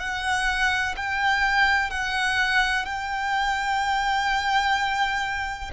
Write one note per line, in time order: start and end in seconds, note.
0.00 0.95 F#5
0.97 1.90 G5
1.90 2.85 F#5
2.85 5.71 G5